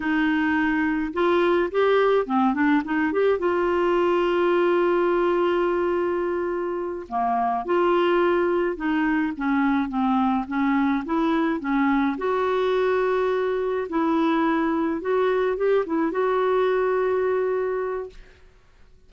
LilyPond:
\new Staff \with { instrumentName = "clarinet" } { \time 4/4 \tempo 4 = 106 dis'2 f'4 g'4 | c'8 d'8 dis'8 g'8 f'2~ | f'1~ | f'8 ais4 f'2 dis'8~ |
dis'8 cis'4 c'4 cis'4 e'8~ | e'8 cis'4 fis'2~ fis'8~ | fis'8 e'2 fis'4 g'8 | e'8 fis'2.~ fis'8 | }